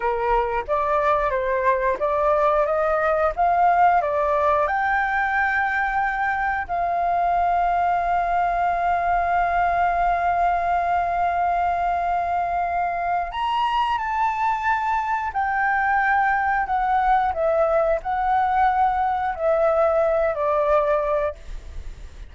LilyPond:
\new Staff \with { instrumentName = "flute" } { \time 4/4 \tempo 4 = 90 ais'4 d''4 c''4 d''4 | dis''4 f''4 d''4 g''4~ | g''2 f''2~ | f''1~ |
f''1 | ais''4 a''2 g''4~ | g''4 fis''4 e''4 fis''4~ | fis''4 e''4. d''4. | }